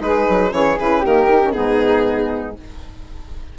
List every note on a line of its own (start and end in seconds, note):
0.00 0.26 G#3
0.00 0.51 D#4
0.00 0.51 G#4
0.00 0.53 B4
0.29 0.52 F#3
0.51 0.78 E3
0.51 0.76 C#4
0.51 1.01 G#4
0.51 0.78 C#5
0.79 1.05 C#3
0.79 1.04 E4
0.79 1.06 B4
1.01 1.56 D#3
1.01 1.28 A#3
1.01 1.52 G4
1.01 1.52 A#4
1.28 1.41 D#4
1.42 1.53 C#4
1.52 2.59 G#2
1.52 2.56 B3
1.52 2.57 D#4
1.52 2.54 G#4